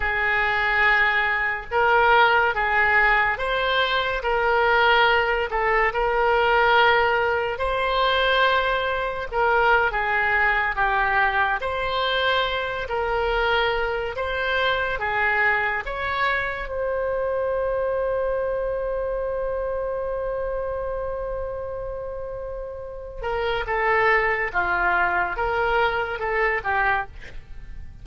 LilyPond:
\new Staff \with { instrumentName = "oboe" } { \time 4/4 \tempo 4 = 71 gis'2 ais'4 gis'4 | c''4 ais'4. a'8 ais'4~ | ais'4 c''2 ais'8. gis'16~ | gis'8. g'4 c''4. ais'8.~ |
ais'8. c''4 gis'4 cis''4 c''16~ | c''1~ | c''2.~ c''8 ais'8 | a'4 f'4 ais'4 a'8 g'8 | }